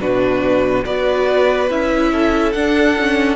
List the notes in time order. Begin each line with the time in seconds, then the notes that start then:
0.00 B2 D4 F#4 B4
0.85 B3 F#4 B4 D5
1.70 C#4 E4 E5
2.12 A4
2.52 D4 F#5
2.99 C#4